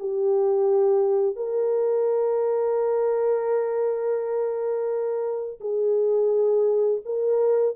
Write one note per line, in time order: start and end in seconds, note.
0.00 1.36 G4
1.36 5.60 A#4
5.61 7.02 G#4
7.06 7.76 A#4